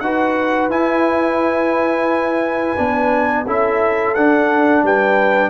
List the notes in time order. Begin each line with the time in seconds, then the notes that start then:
0.00 D#4 F#4 B4 F#5
0.68 E4 G#5
2.77 B3 D4
3.46 C#4 E4 A4 E5
4.15 D4 F#5
4.82 G3 B4 G5